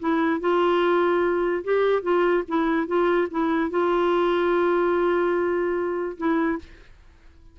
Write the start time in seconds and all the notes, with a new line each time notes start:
0.00 E4
0.41 F4
1.65 G4
2.03 F4
2.48 E4
2.87 F4
3.31 E4
3.71 F4
6.18 E4